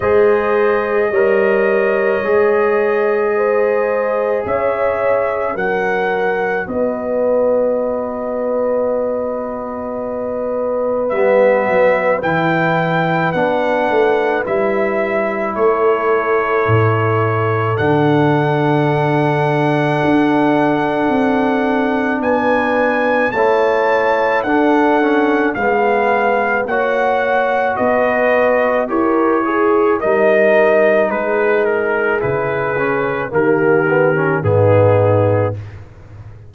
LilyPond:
<<
  \new Staff \with { instrumentName = "trumpet" } { \time 4/4 \tempo 4 = 54 dis''1 | e''4 fis''4 dis''2~ | dis''2 e''4 g''4 | fis''4 e''4 cis''2 |
fis''1 | gis''4 a''4 fis''4 f''4 | fis''4 dis''4 cis''4 dis''4 | b'8 ais'8 b'4 ais'4 gis'4 | }
  \new Staff \with { instrumentName = "horn" } { \time 4/4 c''4 cis''2 c''4 | cis''4 ais'4 b'2~ | b'1~ | b'2 a'2~ |
a'1 | b'4 cis''4 a'4 b'4 | cis''4 b'4 ais'8 gis'8 ais'4 | gis'2 g'4 dis'4 | }
  \new Staff \with { instrumentName = "trombone" } { \time 4/4 gis'4 ais'4 gis'2~ | gis'4 fis'2.~ | fis'2 b4 e'4 | d'4 e'2. |
d'1~ | d'4 e'4 d'8 cis'8 b4 | fis'2 g'8 gis'8 dis'4~ | dis'4 e'8 cis'8 ais8 b16 cis'16 b4 | }
  \new Staff \with { instrumentName = "tuba" } { \time 4/4 gis4 g4 gis2 | cis'4 fis4 b2~ | b2 g8 fis8 e4 | b8 a8 g4 a4 a,4 |
d2 d'4 c'4 | b4 a4 d'4 gis4 | ais4 b4 e'4 g4 | gis4 cis4 dis4 gis,4 | }
>>